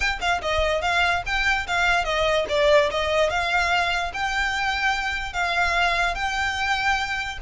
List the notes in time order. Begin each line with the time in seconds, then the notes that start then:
0.00 G5
0.20 F5
0.41 D#5
0.81 F5
1.25 G5
1.67 F5
2.04 D#5
2.49 D5
2.90 D#5
3.30 F5
4.13 G5
5.33 F5
6.15 G5